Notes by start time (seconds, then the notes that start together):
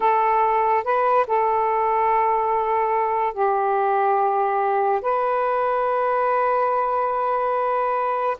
0.00 A4
0.84 B4
1.27 A4
3.33 G4
5.01 B4